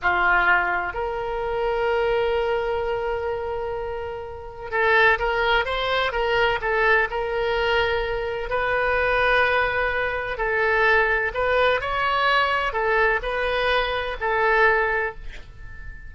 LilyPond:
\new Staff \with { instrumentName = "oboe" } { \time 4/4 \tempo 4 = 127 f'2 ais'2~ | ais'1~ | ais'2 a'4 ais'4 | c''4 ais'4 a'4 ais'4~ |
ais'2 b'2~ | b'2 a'2 | b'4 cis''2 a'4 | b'2 a'2 | }